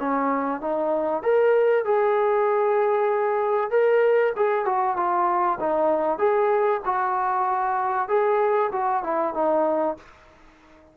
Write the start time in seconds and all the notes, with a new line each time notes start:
0.00 C#4
0.61 D#4
1.23 A#4
1.85 G#4
3.71 A#4
4.36 G#4
4.65 F#4
4.97 F4
5.60 D#4
6.18 G#4
6.85 F#4
8.09 G#4
8.72 F#4
9.03 E4
9.34 D#4